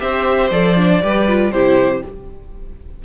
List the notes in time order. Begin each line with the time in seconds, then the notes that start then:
0.00 C4 G4 C5 E5
0.51 F3 A4 D5
0.77 D4
1.02 G3 G4 B4
1.28 F4
1.52 C3 E4 G4 C5